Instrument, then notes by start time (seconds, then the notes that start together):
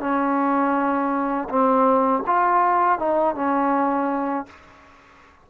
trombone
0.00 C#4
1.49 C4
2.26 F4
2.99 D#4
3.35 C#4